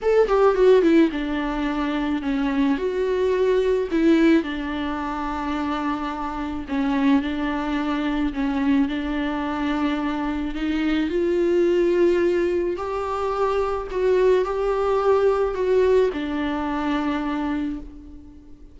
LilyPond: \new Staff \with { instrumentName = "viola" } { \time 4/4 \tempo 4 = 108 a'8 g'8 fis'8 e'8 d'2 | cis'4 fis'2 e'4 | d'1 | cis'4 d'2 cis'4 |
d'2. dis'4 | f'2. g'4~ | g'4 fis'4 g'2 | fis'4 d'2. | }